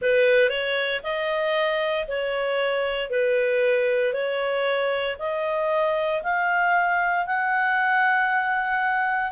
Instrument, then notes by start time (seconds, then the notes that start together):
clarinet
0.01 B4
0.49 C#5
1.03 D#5
2.07 C#5
3.10 B4
4.13 C#5
5.19 D#5
6.23 F5
7.26 F#5